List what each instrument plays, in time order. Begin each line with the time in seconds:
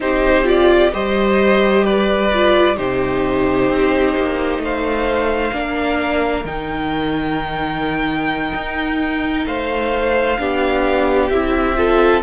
0.00 cello C4, viola D#4, violin G4 C5
0.44 viola F4, violin D5
0.92 cello G3, viola G4, violin C5 D#5
1.83 violin B4 D5
2.33 viola F4
2.76 cello C3, viola D#4, violin G4 C5
3.69 cello C4
4.16 cello A#3
4.58 cello A3, violin C5 F5
5.52 cello A#3, viola D4, violin A#4
6.44 cello D#3, viola D#4, violin G5
8.53 cello D#4
9.45 cello A3, violin C5 F5
10.37 cello B3, viola D4, violin G4
11.29 cello C4, viola E4, violin E5
11.76 viola F4, violin A4